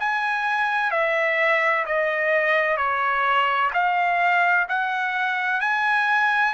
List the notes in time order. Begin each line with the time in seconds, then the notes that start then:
0.00 G#5
0.91 E5
1.86 D#5
2.77 C#5
3.73 F5
4.68 F#5
5.60 G#5